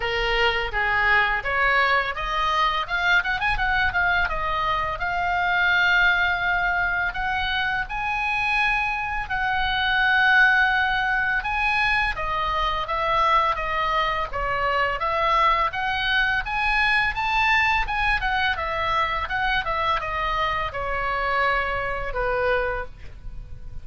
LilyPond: \new Staff \with { instrumentName = "oboe" } { \time 4/4 \tempo 4 = 84 ais'4 gis'4 cis''4 dis''4 | f''8 fis''16 gis''16 fis''8 f''8 dis''4 f''4~ | f''2 fis''4 gis''4~ | gis''4 fis''2. |
gis''4 dis''4 e''4 dis''4 | cis''4 e''4 fis''4 gis''4 | a''4 gis''8 fis''8 e''4 fis''8 e''8 | dis''4 cis''2 b'4 | }